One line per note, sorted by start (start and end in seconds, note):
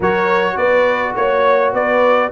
0.00 0.56 F#3
0.00 2.31 F#4
0.00 0.54 A#4
0.00 0.57 C#5
0.56 1.14 B3
0.56 1.14 B4
0.56 1.14 D5
1.15 1.73 A#3
1.15 1.73 C#5
1.73 2.31 B3
1.73 2.30 B4
1.73 2.31 D5